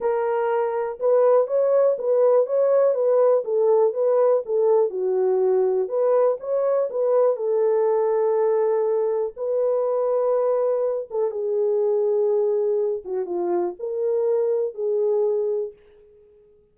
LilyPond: \new Staff \with { instrumentName = "horn" } { \time 4/4 \tempo 4 = 122 ais'2 b'4 cis''4 | b'4 cis''4 b'4 a'4 | b'4 a'4 fis'2 | b'4 cis''4 b'4 a'4~ |
a'2. b'4~ | b'2~ b'8 a'8 gis'4~ | gis'2~ gis'8 fis'8 f'4 | ais'2 gis'2 | }